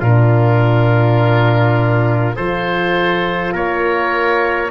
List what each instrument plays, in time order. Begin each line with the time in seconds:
0.00 tuba A#2, horn D4, trumpet F4, oboe A#4
2.35 tuba F3, horn F4, trumpet A4, oboe C5
3.52 tuba A#3, trumpet A#4, oboe C#5